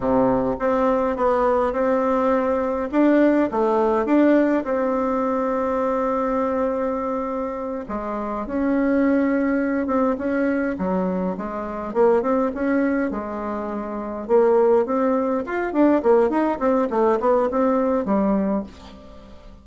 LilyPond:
\new Staff \with { instrumentName = "bassoon" } { \time 4/4 \tempo 4 = 103 c4 c'4 b4 c'4~ | c'4 d'4 a4 d'4 | c'1~ | c'4. gis4 cis'4.~ |
cis'4 c'8 cis'4 fis4 gis8~ | gis8 ais8 c'8 cis'4 gis4.~ | gis8 ais4 c'4 f'8 d'8 ais8 | dis'8 c'8 a8 b8 c'4 g4 | }